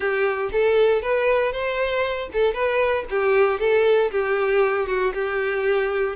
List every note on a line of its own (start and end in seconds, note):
0.00 0.49 G4
0.52 1.01 A4
1.01 1.52 B4
1.52 2.29 C5
2.32 2.53 A4
2.53 3.05 B4
3.09 3.59 G4
3.59 4.10 A4
4.11 4.87 G4
4.87 5.13 F#4
5.13 6.16 G4